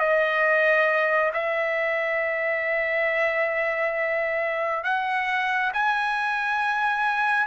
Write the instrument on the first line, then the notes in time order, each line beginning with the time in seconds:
trumpet
0.00 D#5
1.34 E5
4.84 F#5
5.74 G#5